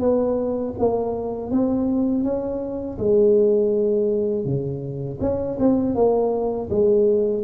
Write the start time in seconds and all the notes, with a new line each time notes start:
0.00 B3
0.79 A#3
1.51 C4
2.24 C#4
2.98 G#3
4.45 C#3
5.21 C#4
5.60 C4
5.95 A#3
6.70 G#3